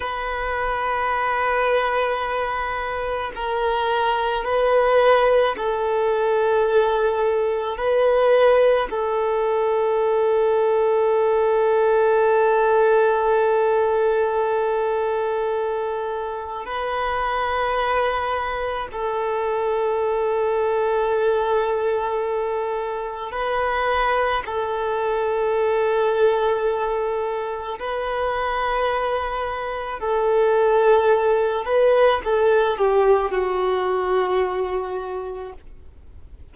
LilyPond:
\new Staff \with { instrumentName = "violin" } { \time 4/4 \tempo 4 = 54 b'2. ais'4 | b'4 a'2 b'4 | a'1~ | a'2. b'4~ |
b'4 a'2.~ | a'4 b'4 a'2~ | a'4 b'2 a'4~ | a'8 b'8 a'8 g'8 fis'2 | }